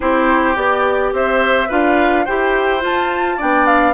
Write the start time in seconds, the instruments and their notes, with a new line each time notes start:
0.00 bassoon C4, clarinet E4, oboe G4, flute C5
0.54 bassoon B3, clarinet G4, flute D5
1.12 bassoon C4, oboe C5, flute E5
1.68 bassoon D4, clarinet F4, oboe B4, flute F5
2.25 bassoon E4, clarinet G4, oboe C5, flute G5
2.80 clarinet F4, bassoon F4, flute A5
3.37 bassoon B3, clarinet D4, oboe D5, flute G5
3.66 flute F5